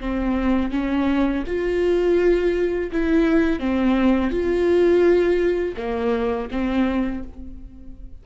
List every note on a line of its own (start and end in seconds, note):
0.00 0.71 C4
0.71 1.44 C#4
1.46 2.90 F4
2.91 3.59 E4
3.59 4.30 C4
4.30 5.75 F4
5.76 6.49 A#3
6.51 7.23 C4